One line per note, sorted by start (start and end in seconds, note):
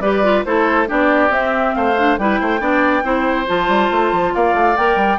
0.00 0.43 G3
0.00 0.23 G4
0.00 0.45 B4
0.00 0.44 D5
0.23 0.45 F4
0.44 0.88 A3
0.44 0.87 E4
0.44 0.88 A4
0.44 0.88 C5
0.87 1.29 B3
0.87 1.30 D4
0.87 1.74 G4
0.87 1.32 D5
1.29 1.72 C4
1.29 1.95 C4
1.29 1.74 E5
1.74 2.18 A3
1.74 2.19 C5
1.74 2.17 F5
1.97 2.18 D4
2.18 2.39 G3
2.18 2.59 E4
2.18 2.39 B4
2.18 3.47 G5
2.39 2.60 A3
2.39 2.60 C5
2.59 3.03 B3
2.59 3.02 D4
2.59 3.03 D5
3.03 3.46 C4
3.03 3.46 E4
3.03 4.33 C5
3.46 3.68 F3
3.46 4.76 F4
3.46 4.34 A5
3.68 3.89 G3
3.91 4.12 A3
4.12 4.33 F3
4.34 4.54 A#3
4.34 5.18 D5
4.34 4.76 F5
4.54 4.75 A3
4.76 4.95 A#3
4.76 5.18 A#4
4.76 5.18 G5
4.95 5.17 G3